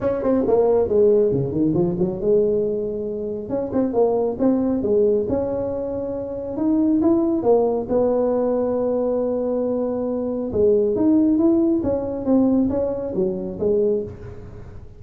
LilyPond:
\new Staff \with { instrumentName = "tuba" } { \time 4/4 \tempo 4 = 137 cis'8 c'8 ais4 gis4 cis8 dis8 | f8 fis8 gis2. | cis'8 c'8 ais4 c'4 gis4 | cis'2. dis'4 |
e'4 ais4 b2~ | b1 | gis4 dis'4 e'4 cis'4 | c'4 cis'4 fis4 gis4 | }